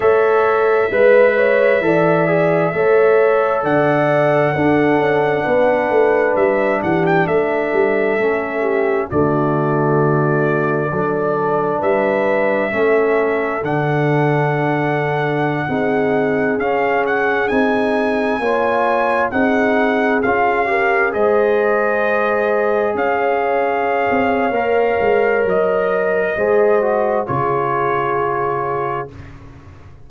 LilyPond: <<
  \new Staff \with { instrumentName = "trumpet" } { \time 4/4 \tempo 4 = 66 e''1 | fis''2. e''8 fis''16 g''16 | e''2 d''2~ | d''4 e''2 fis''4~ |
fis''2~ fis''16 f''8 fis''8 gis''8.~ | gis''4~ gis''16 fis''4 f''4 dis''8.~ | dis''4~ dis''16 f''2~ f''8. | dis''2 cis''2 | }
  \new Staff \with { instrumentName = "horn" } { \time 4/4 cis''4 b'8 cis''8 d''4 cis''4 | d''4 a'4 b'4. g'8 | a'4. g'8 fis'2 | a'4 b'4 a'2~ |
a'4~ a'16 gis'2~ gis'8.~ | gis'16 cis''4 gis'4. ais'8 c''8.~ | c''4~ c''16 cis''2~ cis''8.~ | cis''4 c''4 gis'2 | }
  \new Staff \with { instrumentName = "trombone" } { \time 4/4 a'4 b'4 a'8 gis'8 a'4~ | a'4 d'2.~ | d'4 cis'4 a2 | d'2 cis'4 d'4~ |
d'4~ d'16 dis'4 cis'4 dis'8.~ | dis'16 f'4 dis'4 f'8 g'8 gis'8.~ | gis'2. ais'4~ | ais'4 gis'8 fis'8 f'2 | }
  \new Staff \with { instrumentName = "tuba" } { \time 4/4 a4 gis4 e4 a4 | d4 d'8 cis'8 b8 a8 g8 e8 | a8 g8 a4 d2 | fis4 g4 a4 d4~ |
d4~ d16 c'4 cis'4 c'8.~ | c'16 ais4 c'4 cis'4 gis8.~ | gis4~ gis16 cis'4~ cis'16 c'8 ais8 gis8 | fis4 gis4 cis2 | }
>>